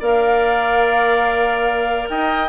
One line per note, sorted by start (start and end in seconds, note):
0.00 2.09 A#3
0.00 2.49 A#4
0.00 2.08 D5
0.00 2.09 F5
2.09 2.49 D#4
2.09 2.49 D#5
2.09 2.49 G5